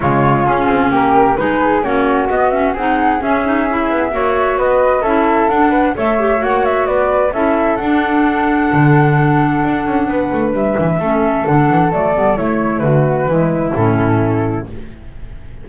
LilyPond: <<
  \new Staff \with { instrumentName = "flute" } { \time 4/4 \tempo 4 = 131 cis''4 gis'4 ais'4 b'4 | cis''4 dis''8 e''8 fis''4 e''4~ | e''2 dis''4 e''4 | fis''4 e''4 fis''8 e''8 d''4 |
e''4 fis''2.~ | fis''2. e''4~ | e''4 fis''4 d''4 cis''4 | b'2 a'2 | }
  \new Staff \with { instrumentName = "flute" } { \time 4/4 f'2 g'4 gis'4 | fis'2 gis'2~ | gis'4 cis''4 b'4 a'4~ | a'8 b'8 cis''2 b'4 |
a'1~ | a'2 b'2 | a'2. e'4 | fis'4 e'2. | }
  \new Staff \with { instrumentName = "clarinet" } { \time 4/4 gis4 cis'2 dis'4 | cis'4 b8 cis'8 dis'4 cis'8 dis'8 | e'4 fis'2 e'4 | d'4 a'8 g'8 fis'2 |
e'4 d'2.~ | d'1 | cis'4 d'4 a8 b8 a4~ | a4 gis4 cis'2 | }
  \new Staff \with { instrumentName = "double bass" } { \time 4/4 cis4 cis'8 c'8 ais4 gis4 | ais4 b4 c'4 cis'4~ | cis'8 b8 ais4 b4 cis'4 | d'4 a4 ais4 b4 |
cis'4 d'2 d4~ | d4 d'8 cis'8 b8 a8 g8 e8 | a4 d8 e8 fis8 g8 a4 | d4 e4 a,2 | }
>>